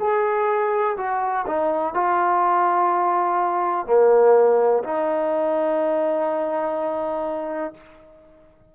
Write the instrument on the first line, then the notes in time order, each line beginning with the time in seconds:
trombone
0.00 G#4
0.98 F#4
1.47 D#4
1.94 F4
3.87 A#3
4.84 D#4